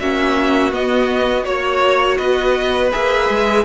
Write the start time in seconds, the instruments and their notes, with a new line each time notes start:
0.00 cello A#3, viola C#4, violin F#4 E5
0.72 viola B3, cello B3, violin D#5
1.44 cello A#3, viola F#4, violin C#5
2.17 cello B3, violin B4 D#5
2.92 cello A#3, viola G#4, violin E5
3.29 cello G#3